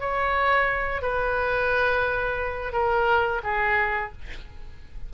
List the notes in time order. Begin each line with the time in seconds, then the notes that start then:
0.00 C#5
1.02 B4
2.73 A#4
3.44 G#4